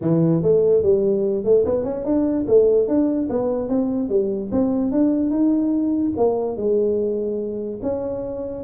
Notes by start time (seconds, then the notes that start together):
0.01 E3
0.42 A3
0.82 G3
1.44 A3
1.65 B3
1.84 C#4
2.05 D4
2.47 A3
2.87 D4
3.29 B3
3.68 C4
4.09 G3
4.51 C4
4.91 D4
5.30 D#4
6.16 A#3
6.56 G#3
7.82 C#4